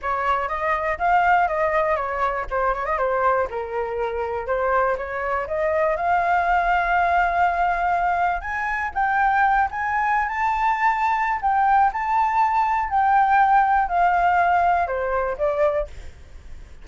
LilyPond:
\new Staff \with { instrumentName = "flute" } { \time 4/4 \tempo 4 = 121 cis''4 dis''4 f''4 dis''4 | cis''4 c''8 cis''16 dis''16 c''4 ais'4~ | ais'4 c''4 cis''4 dis''4 | f''1~ |
f''4 gis''4 g''4. gis''8~ | gis''8. a''2~ a''16 g''4 | a''2 g''2 | f''2 c''4 d''4 | }